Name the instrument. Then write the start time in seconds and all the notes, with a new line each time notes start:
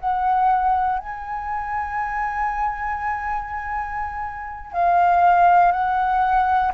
flute
0.00 F#5
0.99 G#5
4.73 F5
5.72 F#5